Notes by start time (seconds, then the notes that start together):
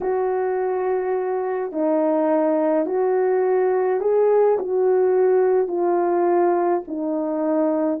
0.00 F#4
1.71 D#4
2.86 F#4
4.00 G#4
4.58 F#4
5.67 F4
6.87 D#4